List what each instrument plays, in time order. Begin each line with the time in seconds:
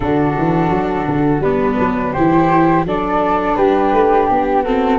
0.00 tuba D3, viola D4, flute F#4 A4
0.37 tuba E3
0.70 tuba F#3
1.07 tuba D3
1.40 tuba G3, viola B3, flute D4 B4
1.79 tuba F#3
2.12 tuba E3, viola E4, flute G4 C5
2.85 tuba F#3, viola D4, flute A4 D5
3.55 tuba G3, flute G4 B4
3.92 tuba A3
4.25 tuba B3, flute G4
4.62 viola C4, flute F#4 A4